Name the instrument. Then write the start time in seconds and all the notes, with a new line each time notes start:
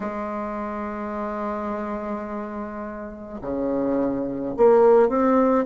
bassoon
0.00 G#3
3.41 C#3
4.56 A#3
5.08 C4